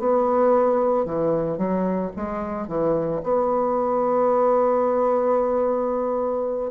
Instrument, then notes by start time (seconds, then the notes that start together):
bassoon
0.00 B3
1.06 E3
1.58 F#3
2.16 G#3
2.68 E3
3.23 B3